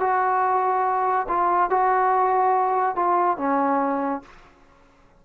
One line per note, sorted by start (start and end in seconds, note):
0.00 1.27 F#4
1.28 1.70 F4
1.70 2.96 F#4
2.96 3.38 F4
3.38 4.22 C#4